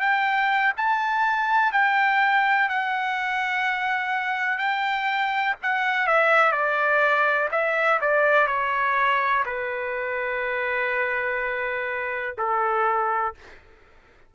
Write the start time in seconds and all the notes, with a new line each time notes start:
0.00 G5
0.77 A5
1.72 G5
2.69 F#5
4.58 G5
5.62 F#5
6.07 E5
6.52 D5
7.51 E5
8.01 D5
8.47 C#5
9.45 B4
12.38 A4